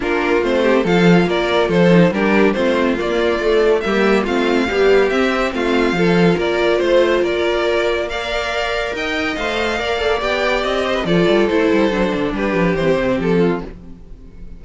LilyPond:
<<
  \new Staff \with { instrumentName = "violin" } { \time 4/4 \tempo 4 = 141 ais'4 c''4 f''4 d''4 | c''4 ais'4 c''4 d''4~ | d''4 e''4 f''2 | e''4 f''2 d''4 |
c''4 d''2 f''4~ | f''4 g''4 f''2 | g''4 dis''4 d''4 c''4~ | c''4 b'4 c''4 a'4 | }
  \new Staff \with { instrumentName = "violin" } { \time 4/4 f'4. g'8 a'4 ais'4 | a'4 g'4 f'2~ | f'4 g'4 f'4 g'4~ | g'4 f'4 a'4 ais'4 |
c''4 ais'2 d''4~ | d''4 dis''2 d''4~ | d''4. c''16 b'16 a'2~ | a'4 g'2~ g'8 f'8 | }
  \new Staff \with { instrumentName = "viola" } { \time 4/4 d'4 c'4 f'2~ | f'8 dis'8 d'4 c'4 ais4 | a4 ais4 c'4 g4 | c'2 f'2~ |
f'2. ais'4~ | ais'2 c''4 ais'8 a'8 | g'2 f'4 e'4 | d'2 c'2 | }
  \new Staff \with { instrumentName = "cello" } { \time 4/4 ais4 a4 f4 ais4 | f4 g4 a4 ais4 | a4 g4 a4 b4 | c'4 a4 f4 ais4 |
a4 ais2.~ | ais4 dis'4 a4 ais4 | b4 c'4 f8 g8 a8 g8 | fis8 d8 g8 f8 e8 c8 f4 | }
>>